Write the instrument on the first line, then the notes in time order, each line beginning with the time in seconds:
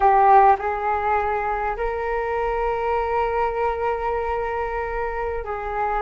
flute
0.00 G4
0.58 G#4
1.76 A#4
5.44 G#4